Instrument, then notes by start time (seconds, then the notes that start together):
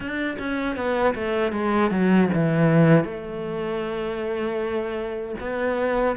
cello
0.00 D4
0.38 C#4
0.76 B3
1.14 A3
1.52 G#3
1.90 F#3
2.33 E3
3.04 A3
5.40 B3